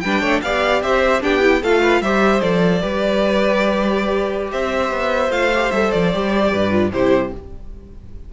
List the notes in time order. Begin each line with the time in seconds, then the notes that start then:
0.00 G3 D4 B4 G5
0.21 A3 C#5
0.42 B3 G4 D5 F5
0.82 C4 C5 E5
1.21 B3 D4 G4 G5
1.40 E4
1.62 A3 F4 A4 F5
1.82 B4
2.01 G3 G4 C5 E5
2.41 F3 A4 D5
2.82 G3 G4 B4
4.52 C4 C5 E5
4.91 B3
5.30 A3 F4 F5
5.54 G4
5.71 G3 A4 E5
5.91 F3 D5
6.13 G3 G4
6.51 G2 B4
6.71 F4
6.92 C3 E4 G4 C5